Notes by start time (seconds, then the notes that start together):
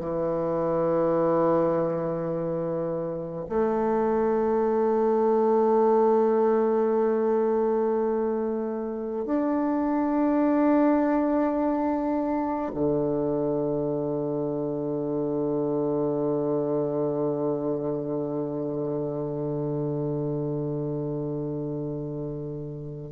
0.00 E3
3.49 A3
9.26 D4
12.74 D3